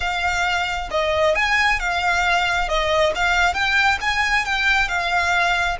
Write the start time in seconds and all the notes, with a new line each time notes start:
0.00 F5
0.91 D#5
1.35 G#5
1.79 F5
2.68 D#5
3.15 F5
3.54 G5
4.00 G#5
4.45 G5
4.88 F5